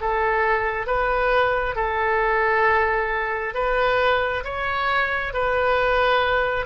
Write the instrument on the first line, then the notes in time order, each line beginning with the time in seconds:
oboe
0.00 A4
0.86 B4
1.75 A4
3.54 B4
4.44 C#5
5.33 B4